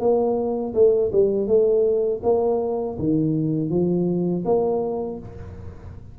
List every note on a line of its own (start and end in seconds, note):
0.00 0.74 A#3
0.74 1.11 A3
1.12 1.47 G3
1.47 2.22 A3
2.23 2.97 A#3
2.99 3.70 D#3
3.70 4.44 F3
4.45 5.19 A#3